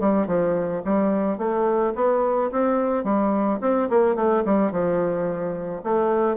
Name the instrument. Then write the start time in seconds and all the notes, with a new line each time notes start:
bassoon
0.00 G3
0.27 F3
0.85 G3
1.38 A3
1.95 B3
2.52 C4
3.04 G3
3.61 C4
3.90 A#3
4.16 A3
4.45 G3
4.71 F3
5.84 A3